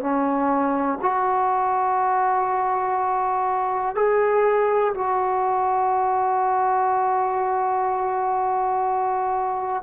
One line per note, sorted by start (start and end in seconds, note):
0.00 0.98 C#4
1.01 3.95 F#4
3.95 4.93 G#4
4.94 9.83 F#4